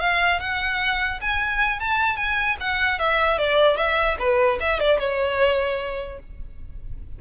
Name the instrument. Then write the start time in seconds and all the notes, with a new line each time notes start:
violin
0.00 F5
0.40 F#5
1.21 G#5
1.80 A5
2.17 G#5
2.60 F#5
2.99 E5
3.38 D5
3.77 E5
4.19 B4
4.60 E5
4.80 D5
4.99 C#5